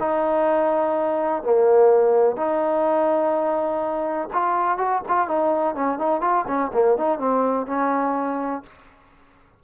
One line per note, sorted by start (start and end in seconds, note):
0.00 1.43 D#4
1.43 2.37 A#3
2.37 4.29 D#4
4.33 4.78 F4
4.78 5.02 F#4
5.08 5.28 F4
5.28 5.75 D#4
5.75 5.98 C#4
5.98 6.21 D#4
6.21 6.45 F4
6.48 6.72 C#4
6.74 6.98 A#3
6.98 7.19 D#4
7.19 7.67 C4
7.67 8.63 C#4